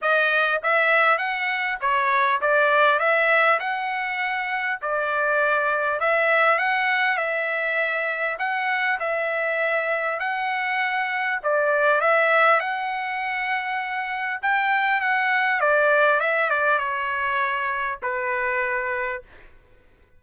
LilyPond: \new Staff \with { instrumentName = "trumpet" } { \time 4/4 \tempo 4 = 100 dis''4 e''4 fis''4 cis''4 | d''4 e''4 fis''2 | d''2 e''4 fis''4 | e''2 fis''4 e''4~ |
e''4 fis''2 d''4 | e''4 fis''2. | g''4 fis''4 d''4 e''8 d''8 | cis''2 b'2 | }